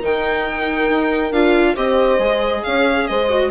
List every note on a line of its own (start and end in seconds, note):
0.00 0.89 D#3
0.00 1.32 D#4
0.00 1.74 A#4
0.00 1.32 G5
0.89 1.31 D#4
1.31 1.75 D4
1.31 1.76 F4
1.31 1.76 F5
1.74 2.18 C4
1.74 2.19 G4
1.74 2.62 C5
1.74 2.63 D#5
2.18 2.62 G#3
2.18 3.29 G#4
2.63 3.09 C#4
2.63 3.08 C#5
2.63 3.07 F5
3.07 3.50 G#3
3.07 3.50 C5
3.07 3.50 D#5
3.29 3.50 F#4